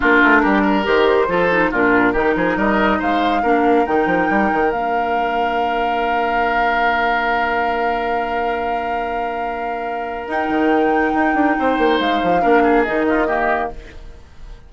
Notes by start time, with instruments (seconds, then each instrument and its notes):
0.00 bassoon A#3, clarinet D4, oboe F4, flute A#4
0.22 bassoon A3
0.42 bassoon G3, oboe G4
0.62 oboe A#4
0.84 bassoon D#3, clarinet G4, flute C5
1.28 bassoon F3, clarinet F4, oboe A4
1.51 clarinet D#4
1.70 bassoon A#2, clarinet D4, oboe F4, flute A#4
2.13 bassoon D#3, clarinet D#4, oboe G4
2.35 bassoon F3, oboe G#4
2.56 bassoon G3, oboe A#4, flute D#5
2.98 bassoon G#3, oboe C5, flute F5
3.42 bassoon A#3, clarinet D4, oboe A#4
3.85 bassoon D#3, clarinet D#4, flute G5
4.06 bassoon F3
4.29 bassoon G3
4.52 bassoon D#3
4.71 bassoon A#3, clarinet D4, flute F5
10.27 bassoon D#4, clarinet D#4, flute G5
10.49 bassoon D#3
11.14 bassoon D#4
11.34 bassoon D4
11.59 bassoon C4, oboe C5
11.78 bassoon A#3
11.99 bassoon G#3, flute F5
12.22 bassoon F3
12.41 bassoon A#3, clarinet D4, oboe A#4
12.62 oboe G#4
12.83 bassoon D#3, clarinet D#4, flute D#5
13.09 oboe F4
13.26 clarinet A#3, oboe G4